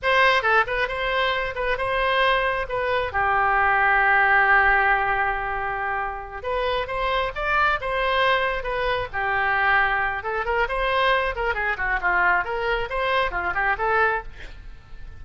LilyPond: \new Staff \with { instrumentName = "oboe" } { \time 4/4 \tempo 4 = 135 c''4 a'8 b'8 c''4. b'8 | c''2 b'4 g'4~ | g'1~ | g'2~ g'8 b'4 c''8~ |
c''8 d''4 c''2 b'8~ | b'8 g'2~ g'8 a'8 ais'8 | c''4. ais'8 gis'8 fis'8 f'4 | ais'4 c''4 f'8 g'8 a'4 | }